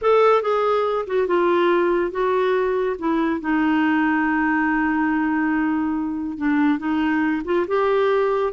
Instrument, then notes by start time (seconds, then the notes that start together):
clarinet
0.01 A4
0.42 G#4
1.06 F#4
1.27 F4
2.11 F#4
2.98 E4
3.40 D#4
6.37 D4
6.78 D#4
7.44 F4
7.67 G4